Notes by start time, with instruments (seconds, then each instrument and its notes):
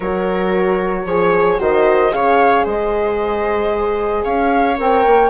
0.00 bassoon F#3, horn F#4, viola A#4, flute C#5
1.05 bassoon F3, horn G#4, viola C#5
1.58 bassoon D#3, horn F#4, viola C5, flute D#5
2.11 bassoon C#3, horn G#4, viola C#5, flute F5
2.64 bassoon G#3, viola C5, flute D#5
4.24 bassoon C#4, viola C#5, flute F5
4.77 bassoon C4, horn A#4, flute G5
5.06 bassoon A#3